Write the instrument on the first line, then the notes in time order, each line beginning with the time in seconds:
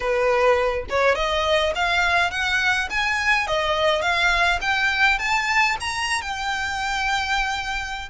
violin
0.00 B4
0.89 C#5
1.15 D#5
1.75 F5
2.31 F#5
2.90 G#5
3.47 D#5
4.01 F5
4.61 G5
5.18 A5
5.80 A#5
6.21 G5